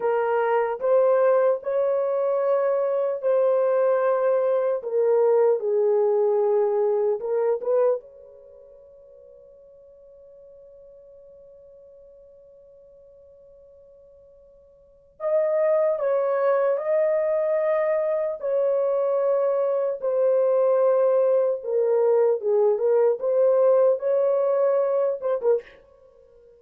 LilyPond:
\new Staff \with { instrumentName = "horn" } { \time 4/4 \tempo 4 = 75 ais'4 c''4 cis''2 | c''2 ais'4 gis'4~ | gis'4 ais'8 b'8 cis''2~ | cis''1~ |
cis''2. dis''4 | cis''4 dis''2 cis''4~ | cis''4 c''2 ais'4 | gis'8 ais'8 c''4 cis''4. c''16 ais'16 | }